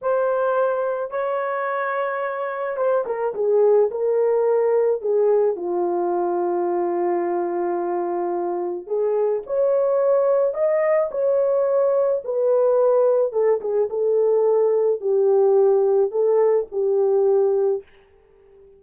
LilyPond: \new Staff \with { instrumentName = "horn" } { \time 4/4 \tempo 4 = 108 c''2 cis''2~ | cis''4 c''8 ais'8 gis'4 ais'4~ | ais'4 gis'4 f'2~ | f'1 |
gis'4 cis''2 dis''4 | cis''2 b'2 | a'8 gis'8 a'2 g'4~ | g'4 a'4 g'2 | }